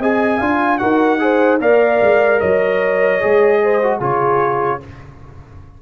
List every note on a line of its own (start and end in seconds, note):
0.00 0.40 C4
0.00 0.42 G#4
0.00 0.39 D#5
0.00 0.78 G#5
0.39 0.81 D4
0.39 0.80 F4
0.39 0.79 F5
0.78 1.61 D#4
0.78 1.20 F#4
0.78 1.21 A#4
0.78 1.58 F#5
1.20 1.60 G#4
1.20 1.62 C5
1.61 2.01 A#3
1.61 3.21 A#4
1.61 2.41 D5
1.61 2.40 F5
2.02 2.42 G#3
2.40 3.22 F#3
2.40 3.61 C#5
2.40 4.00 D#5
3.21 4.00 G#3
3.21 3.81 G#4
3.64 3.99 C5
3.83 4.00 F#4
3.99 4.81 C#3
3.99 4.81 F4
3.99 4.79 G#4
3.99 4.82 C#5